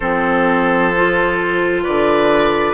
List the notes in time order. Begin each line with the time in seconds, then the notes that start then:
0.00 F3 C4 A4 C5
0.95 F4
1.83 D3 B4 D5